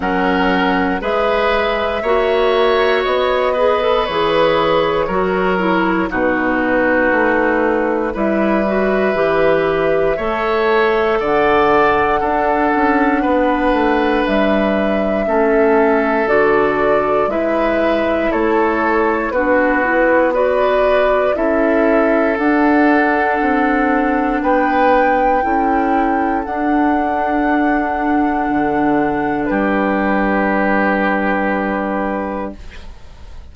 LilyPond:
<<
  \new Staff \with { instrumentName = "flute" } { \time 4/4 \tempo 4 = 59 fis''4 e''2 dis''4 | cis''2 b'2 | e''2. fis''4~ | fis''2 e''2 |
d''4 e''4 cis''4 b'4 | d''4 e''4 fis''2 | g''2 fis''2~ | fis''4 b'2. | }
  \new Staff \with { instrumentName = "oboe" } { \time 4/4 ais'4 b'4 cis''4. b'8~ | b'4 ais'4 fis'2 | b'2 cis''4 d''4 | a'4 b'2 a'4~ |
a'4 b'4 a'4 fis'4 | b'4 a'2. | b'4 a'2.~ | a'4 g'2. | }
  \new Staff \with { instrumentName = "clarinet" } { \time 4/4 cis'4 gis'4 fis'4. gis'16 a'16 | gis'4 fis'8 e'8 dis'2 | e'8 fis'8 g'4 a'2 | d'2. cis'4 |
fis'4 e'2 d'8 e'8 | fis'4 e'4 d'2~ | d'4 e'4 d'2~ | d'1 | }
  \new Staff \with { instrumentName = "bassoon" } { \time 4/4 fis4 gis4 ais4 b4 | e4 fis4 b,4 a4 | g4 e4 a4 d4 | d'8 cis'8 b8 a8 g4 a4 |
d4 gis4 a4 b4~ | b4 cis'4 d'4 c'4 | b4 cis'4 d'2 | d4 g2. | }
>>